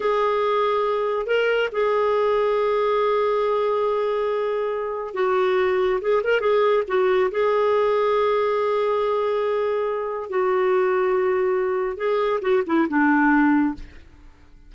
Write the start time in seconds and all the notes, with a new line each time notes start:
0.00 G#4
1.26 A#4
1.71 G#4
5.14 F#4
6.01 G#4
6.23 A#4
6.40 G#4
6.87 F#4
7.31 G#4
10.29 F#4
11.97 G#4
12.41 F#4
12.66 E4
12.88 D4